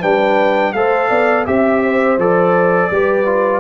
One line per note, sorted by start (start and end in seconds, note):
0.00 0.74 G3
0.00 0.74 D4
0.00 0.72 B4
0.00 0.73 G5
0.73 1.10 A3
0.73 1.46 A4
0.73 1.10 C5
0.73 1.45 F5
1.10 1.47 B3
1.10 1.46 D5
1.46 2.17 C4
1.46 2.18 G4
1.46 1.83 E5
1.46 2.19 E5
1.83 2.92 C5
2.17 2.90 F3
2.17 2.91 A4
2.17 3.60 D5
2.91 3.60 G3
2.91 3.26 G4
2.91 3.60 B4
3.26 3.60 F4